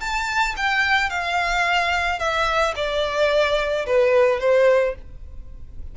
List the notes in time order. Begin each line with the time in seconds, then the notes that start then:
0.00 A5
0.57 G5
1.10 F5
2.19 E5
2.76 D5
3.86 B4
4.40 C5